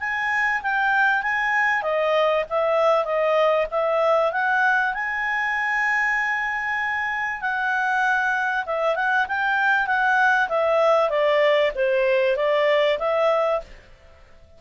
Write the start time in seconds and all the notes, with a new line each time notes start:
0.00 G#5
0.63 G5
1.23 G#5
1.83 D#5
2.50 E5
3.05 D#5
3.71 E5
4.32 F#5
4.94 G#5
7.41 F#5
8.66 E5
8.96 F#5
9.28 G5
9.87 F#5
10.49 E5
11.10 D5
11.76 C5
12.37 D5
12.99 E5